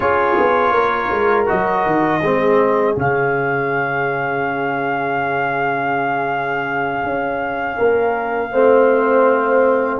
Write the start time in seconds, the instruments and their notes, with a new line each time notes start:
0.00 tuba C#4, trombone F4, horn G#4, trumpet C#5
0.38 tuba B3
0.73 tuba A#3, horn A#4
1.11 tuba G#3
1.46 tuba F#3, trombone F#4, trumpet D#5
1.86 tuba D#3
2.20 tuba G#3, trombone C4, horn G#4
2.95 tuba C#3, trombone C#4, trumpet F5
7.03 tuba C#4
7.77 tuba A#3, horn A#4
8.52 tuba A3, trombone C4, horn C5